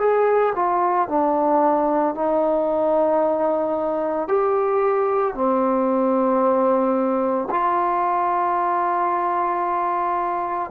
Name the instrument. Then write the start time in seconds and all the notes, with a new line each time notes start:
trombone
0.00 G#4
0.56 F4
1.09 D4
2.15 D#4
4.29 G4
5.35 C4
7.51 F4